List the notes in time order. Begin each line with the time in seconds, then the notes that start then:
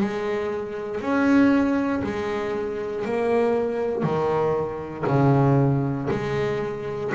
0.00 G#3
1.01 C#4
2.03 G#3
3.05 A#3
4.03 D#3
5.07 C#3
6.10 G#3